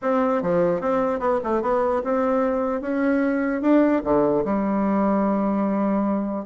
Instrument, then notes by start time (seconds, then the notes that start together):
bassoon
0.02 C4
0.42 F3
0.81 C4
1.19 B3
1.43 A3
1.62 B3
2.04 C4
2.81 C#4
3.61 D4
4.04 D3
4.44 G3